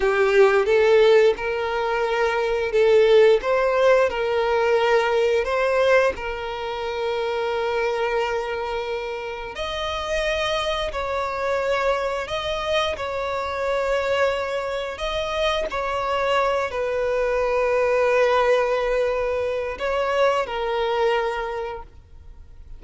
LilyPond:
\new Staff \with { instrumentName = "violin" } { \time 4/4 \tempo 4 = 88 g'4 a'4 ais'2 | a'4 c''4 ais'2 | c''4 ais'2.~ | ais'2 dis''2 |
cis''2 dis''4 cis''4~ | cis''2 dis''4 cis''4~ | cis''8 b'2.~ b'8~ | b'4 cis''4 ais'2 | }